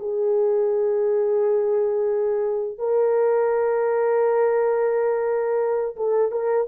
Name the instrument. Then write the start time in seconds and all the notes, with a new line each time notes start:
horn
0.00 G#4
2.79 A#4
5.97 A4
6.32 A#4